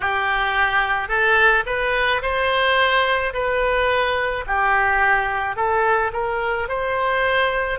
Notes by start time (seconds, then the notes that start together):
0.00 G4
1.08 A4
1.66 B4
2.22 C5
3.33 B4
4.46 G4
5.56 A4
6.13 A#4
6.68 C5